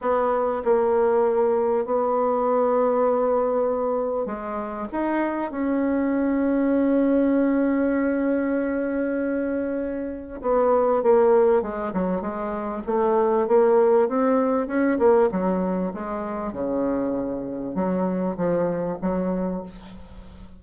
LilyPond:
\new Staff \with { instrumentName = "bassoon" } { \time 4/4 \tempo 4 = 98 b4 ais2 b4~ | b2. gis4 | dis'4 cis'2.~ | cis'1~ |
cis'4 b4 ais4 gis8 fis8 | gis4 a4 ais4 c'4 | cis'8 ais8 fis4 gis4 cis4~ | cis4 fis4 f4 fis4 | }